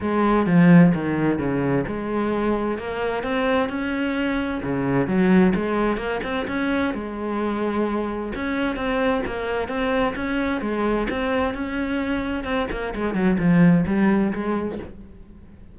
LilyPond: \new Staff \with { instrumentName = "cello" } { \time 4/4 \tempo 4 = 130 gis4 f4 dis4 cis4 | gis2 ais4 c'4 | cis'2 cis4 fis4 | gis4 ais8 c'8 cis'4 gis4~ |
gis2 cis'4 c'4 | ais4 c'4 cis'4 gis4 | c'4 cis'2 c'8 ais8 | gis8 fis8 f4 g4 gis4 | }